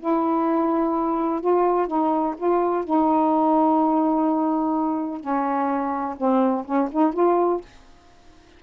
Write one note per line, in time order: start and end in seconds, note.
0.00 1.41 E4
1.41 1.88 F4
1.88 2.35 D#4
2.38 2.85 F4
2.85 5.21 D#4
5.21 6.16 C#4
6.18 6.65 C4
6.66 6.89 C#4
6.92 7.14 D#4
7.14 7.62 F4